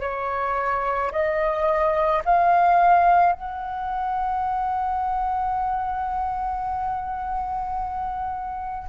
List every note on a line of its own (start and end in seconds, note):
0.00 1.11 C#5
1.11 2.22 D#5
2.25 3.32 F5
3.32 8.88 F#5